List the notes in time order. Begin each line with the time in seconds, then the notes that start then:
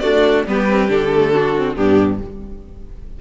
0.00 A3 D4 F#4 D5
0.47 G3 B3 G4 B4
0.70 C4
0.89 D3 D4 A4
1.13 A3
1.33 D4 F#4
1.57 C4
1.76 G2 B3 D4 G4